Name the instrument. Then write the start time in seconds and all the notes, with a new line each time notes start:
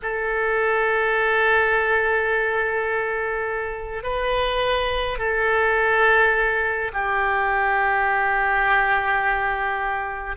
oboe
0.02 A4
4.03 B4
5.18 A4
6.93 G4